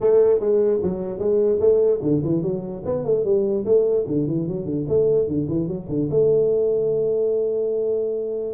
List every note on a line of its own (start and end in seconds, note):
0.00 0.39 A3
0.39 0.80 G#3
0.82 1.18 F#3
1.18 1.59 G#3
1.60 2.00 A3
2.02 2.22 D3
2.23 2.42 E3
2.42 2.83 F#3
2.85 3.05 B3
3.05 3.24 A3
3.24 3.64 G3
3.65 4.05 A3
4.07 4.27 D3
4.27 4.47 E3
4.47 4.65 F#3
4.65 4.85 D3
4.88 5.27 A3
5.27 5.47 D3
5.48 5.67 E3
5.67 5.87 F#3
5.89 6.09 D3
6.10 8.53 A3